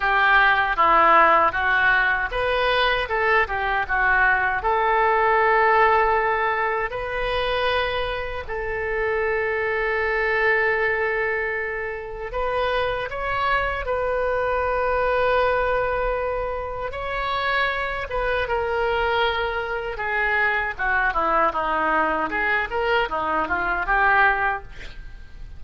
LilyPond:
\new Staff \with { instrumentName = "oboe" } { \time 4/4 \tempo 4 = 78 g'4 e'4 fis'4 b'4 | a'8 g'8 fis'4 a'2~ | a'4 b'2 a'4~ | a'1 |
b'4 cis''4 b'2~ | b'2 cis''4. b'8 | ais'2 gis'4 fis'8 e'8 | dis'4 gis'8 ais'8 dis'8 f'8 g'4 | }